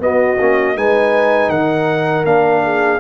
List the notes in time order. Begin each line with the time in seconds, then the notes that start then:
0.00 B3 F#4 D#5
0.39 A#3 C#4
0.76 G#3 D#4 B4 G#5
1.50 D#3 A#4 F#5
2.24 A#3 D4 F5
2.64 G#4